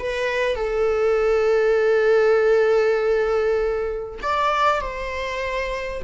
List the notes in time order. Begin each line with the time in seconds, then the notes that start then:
0.00 B4
0.56 A4
4.23 D5
4.82 C5